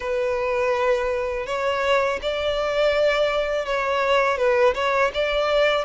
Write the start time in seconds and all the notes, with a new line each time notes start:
0.00 B4
1.46 C#5
2.22 D5
3.65 C#5
4.37 B4
4.74 C#5
5.14 D5